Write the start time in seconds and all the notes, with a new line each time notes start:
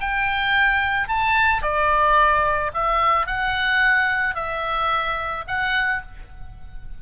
0.00 G5
1.08 A5
1.62 D5
2.73 E5
3.26 F#5
4.35 E5
5.47 F#5